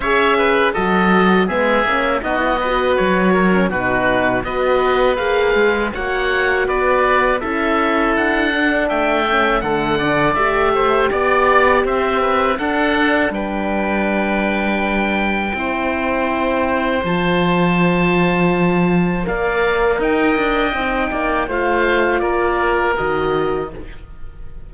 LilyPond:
<<
  \new Staff \with { instrumentName = "oboe" } { \time 4/4 \tempo 4 = 81 e''4 dis''4 e''4 dis''4 | cis''4 b'4 dis''4 f''4 | fis''4 d''4 e''4 fis''4 | g''4 fis''4 e''4 d''4 |
e''4 fis''4 g''2~ | g''2. a''4~ | a''2 f''4 g''4~ | g''4 f''4 d''4 dis''4 | }
  \new Staff \with { instrumentName = "oboe" } { \time 4/4 cis''8 b'8 a'4 gis'4 fis'8 b'8~ | b'8 ais'8 fis'4 b'2 | cis''4 b'4 a'2 | e''4 a'8 d''4 c''8 d''4 |
c''8 b'8 a'4 b'2~ | b'4 c''2.~ | c''2 d''4 dis''4~ | dis''8 d''8 c''4 ais'2 | }
  \new Staff \with { instrumentName = "horn" } { \time 4/4 gis'4 fis'4 b8 cis'8 dis'16 e'16 fis'8~ | fis'8. cis'16 dis'4 fis'4 gis'4 | fis'2 e'4. d'8~ | d'8 cis'8 a8 d'8 g'2~ |
g'4 d'2.~ | d'4 e'2 f'4~ | f'2 ais'2 | dis'4 f'2 fis'4 | }
  \new Staff \with { instrumentName = "cello" } { \time 4/4 cis'4 fis4 gis8 ais8 b4 | fis4 b,4 b4 ais8 gis8 | ais4 b4 cis'4 d'4 | a4 d4 a4 b4 |
c'4 d'4 g2~ | g4 c'2 f4~ | f2 ais4 dis'8 d'8 | c'8 ais8 a4 ais4 dis4 | }
>>